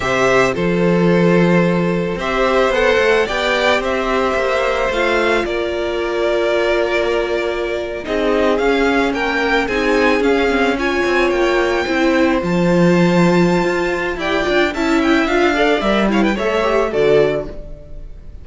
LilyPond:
<<
  \new Staff \with { instrumentName = "violin" } { \time 4/4 \tempo 4 = 110 e''4 c''2. | e''4 fis''4 g''4 e''4~ | e''4 f''4 d''2~ | d''2~ d''8. dis''4 f''16~ |
f''8. g''4 gis''4 f''4 gis''16~ | gis''8. g''2 a''4~ a''16~ | a''2 g''4 a''8 g''8 | f''4 e''8 f''16 g''16 e''4 d''4 | }
  \new Staff \with { instrumentName = "violin" } { \time 4/4 c''4 a'2. | c''2 d''4 c''4~ | c''2 ais'2~ | ais'2~ ais'8. gis'4~ gis'16~ |
gis'8. ais'4 gis'2 cis''16~ | cis''4.~ cis''16 c''2~ c''16~ | c''2 d''4 e''4~ | e''8 d''4 cis''16 b'16 cis''4 a'4 | }
  \new Staff \with { instrumentName = "viola" } { \time 4/4 g'4 f'2. | g'4 a'4 g'2~ | g'4 f'2.~ | f'2~ f'8. dis'4 cis'16~ |
cis'4.~ cis'16 dis'4 cis'8 c'8 f'16~ | f'4.~ f'16 e'4 f'4~ f'16~ | f'2 g'8 f'8 e'4 | f'8 a'8 ais'8 e'8 a'8 g'8 fis'4 | }
  \new Staff \with { instrumentName = "cello" } { \time 4/4 c4 f2. | c'4 b8 a8 b4 c'4 | ais4 a4 ais2~ | ais2~ ais8. c'4 cis'16~ |
cis'8. ais4 c'4 cis'4~ cis'16~ | cis'16 c'8 ais4 c'4 f4~ f16~ | f4 f'4 e'8 d'8 cis'4 | d'4 g4 a4 d4 | }
>>